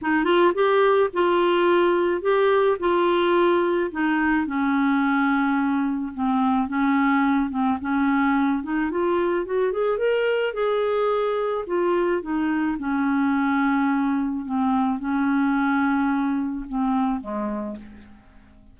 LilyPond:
\new Staff \with { instrumentName = "clarinet" } { \time 4/4 \tempo 4 = 108 dis'8 f'8 g'4 f'2 | g'4 f'2 dis'4 | cis'2. c'4 | cis'4. c'8 cis'4. dis'8 |
f'4 fis'8 gis'8 ais'4 gis'4~ | gis'4 f'4 dis'4 cis'4~ | cis'2 c'4 cis'4~ | cis'2 c'4 gis4 | }